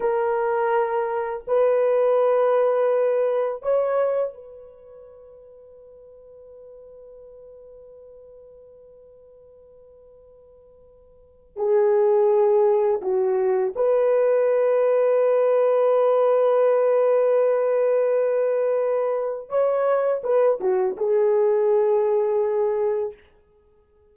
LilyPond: \new Staff \with { instrumentName = "horn" } { \time 4/4 \tempo 4 = 83 ais'2 b'2~ | b'4 cis''4 b'2~ | b'1~ | b'1 |
gis'2 fis'4 b'4~ | b'1~ | b'2. cis''4 | b'8 fis'8 gis'2. | }